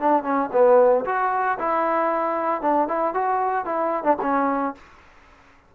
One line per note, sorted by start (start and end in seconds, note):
0.00 0.23 D4
0.23 0.50 C#4
0.52 1.05 B3
1.05 1.58 F#4
1.59 2.61 E4
2.61 2.88 D4
2.88 3.14 E4
3.14 3.65 F#4
3.65 4.04 E4
4.04 4.17 D4
4.22 4.75 C#4